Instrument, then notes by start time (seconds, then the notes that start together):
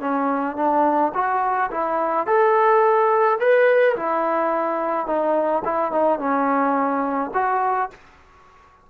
trombone
0.00 C#4
0.56 D4
1.14 F#4
1.71 E4
2.26 A4
3.40 B4
3.96 E4
5.06 D#4
5.65 E4
5.92 D#4
6.19 C#4
7.34 F#4